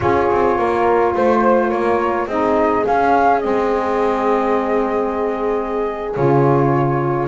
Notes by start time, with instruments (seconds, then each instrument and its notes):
0.00 double bass C#4, saxophone F4, horn G#4, flute C#5
0.30 double bass C4
0.58 double bass A#3, horn A#4
1.15 double bass A3, horn C5, flute C5
1.70 double bass A#3, horn A#4, flute C#5
2.26 double bass C4, saxophone D#4, horn G#4, flute D#5
2.83 saxophone C#4, double bass C#4, flute F5
3.39 double bass G#3, saxophone C4, flute D#5
6.14 double bass C#3, saxophone F4, flute C#5